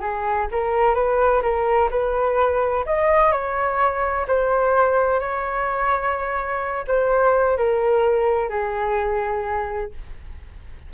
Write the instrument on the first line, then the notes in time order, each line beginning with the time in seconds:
flute
0.00 G#4
0.51 A#4
0.95 B4
1.42 A#4
1.90 B4
2.86 D#5
3.32 C#5
4.27 C5
5.20 C#5
6.88 C5
7.57 A#4
8.50 G#4